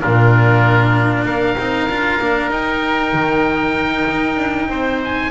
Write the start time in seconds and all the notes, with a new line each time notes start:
0.00 A#2 D4 F4 A#4
1.25 A#3 A#4 F5
1.58 C4 D#4
1.89 D4 F4
2.20 A#3 D4
2.50 D#4 G5
3.13 D#3
4.08 D#4
4.37 D4
4.68 C4 C5
5.04 G#5